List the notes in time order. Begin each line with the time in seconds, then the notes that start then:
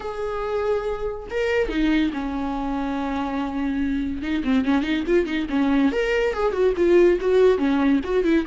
0.00 G#4
1.30 A#4
1.69 D#4
2.13 C#4
4.22 D#4
4.43 C4
4.65 C#4
4.83 D#4
5.06 F4
5.25 D#4
5.49 C#4
5.92 A#4
6.33 G#4
6.52 F#4
6.76 F4
7.20 F#4
7.58 C#4
8.04 F#4
8.24 E4